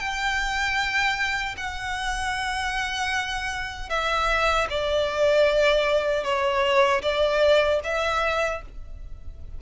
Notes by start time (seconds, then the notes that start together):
0.00 G5
1.58 F#5
3.90 E5
4.70 D5
6.24 C#5
7.02 D5
7.84 E5